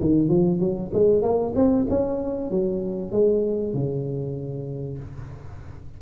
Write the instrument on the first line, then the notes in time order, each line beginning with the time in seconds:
tuba
0.00 D#3
0.28 F3
0.60 F#3
0.93 G#3
1.22 A#3
1.55 C4
1.89 C#4
2.50 F#3
3.12 G#3
3.74 C#3